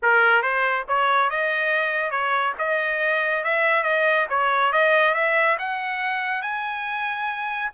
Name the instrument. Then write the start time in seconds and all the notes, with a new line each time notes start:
trumpet
0.02 A#4
0.42 C5
0.87 C#5
1.30 D#5
2.10 C#5
2.58 D#5
3.44 E5
3.83 D#5
4.29 C#5
4.72 D#5
5.14 E5
5.59 F#5
6.42 G#5